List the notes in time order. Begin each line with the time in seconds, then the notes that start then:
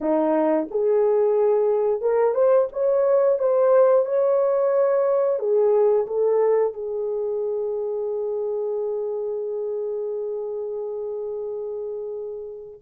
0.00 D#4
0.70 G#4
2.01 A#4
2.34 C5
2.72 C#5
3.39 C5
4.05 C#5
5.39 G#4
6.06 A4
6.73 G#4